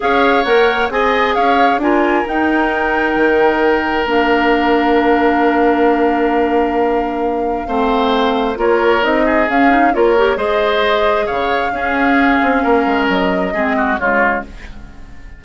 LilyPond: <<
  \new Staff \with { instrumentName = "flute" } { \time 4/4 \tempo 4 = 133 f''4 fis''4 gis''4 f''4 | gis''4 g''2.~ | g''4 f''2.~ | f''1~ |
f''2. cis''4 | dis''4 f''4 cis''4 dis''4~ | dis''4 f''2.~ | f''4 dis''2 cis''4 | }
  \new Staff \with { instrumentName = "oboe" } { \time 4/4 cis''2 dis''4 cis''4 | ais'1~ | ais'1~ | ais'1~ |
ais'4 c''2 ais'4~ | ais'8 gis'4. ais'4 c''4~ | c''4 cis''4 gis'2 | ais'2 gis'8 fis'8 f'4 | }
  \new Staff \with { instrumentName = "clarinet" } { \time 4/4 gis'4 ais'4 gis'2 | f'4 dis'2.~ | dis'4 d'2.~ | d'1~ |
d'4 c'2 f'4 | dis'4 cis'8 dis'8 f'8 g'8 gis'4~ | gis'2 cis'2~ | cis'2 c'4 gis4 | }
  \new Staff \with { instrumentName = "bassoon" } { \time 4/4 cis'4 ais4 c'4 cis'4 | d'4 dis'2 dis4~ | dis4 ais2.~ | ais1~ |
ais4 a2 ais4 | c'4 cis'4 ais4 gis4~ | gis4 cis4 cis'4. c'8 | ais8 gis8 fis4 gis4 cis4 | }
>>